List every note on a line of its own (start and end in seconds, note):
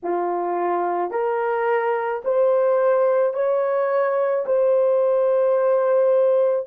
0.03 1.11 F4
1.11 2.22 A#4
2.24 3.33 C5
3.33 4.44 C#5
4.45 6.66 C5